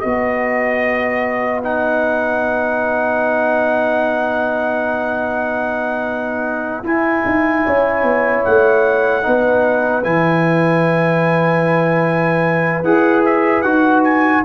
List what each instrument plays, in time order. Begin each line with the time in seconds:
0.00 tuba B3, trombone F#4, horn B4, trumpet D#5
1.63 trombone D#4, trumpet F#5
6.83 tuba E4, trombone E4, trumpet G#5
7.25 tuba D#4
7.65 tuba C#4, horn C#5
8.03 tuba B3
8.44 tuba A3, trumpet F#5
9.22 tuba B3, trombone D#4, horn B4
10.03 tuba E3, trombone E4, trumpet G#5
12.83 tuba E4, trombone G#4, trumpet F#5
13.25 trumpet E5
13.61 tuba D#4, trombone F#4, trumpet F#5
14.03 trumpet G#5